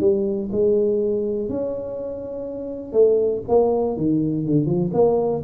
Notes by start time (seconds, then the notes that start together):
0.00 G3
0.52 G#3
1.49 C#4
2.92 A3
3.48 A#3
3.96 D#3
4.46 D3
4.66 F3
4.93 A#3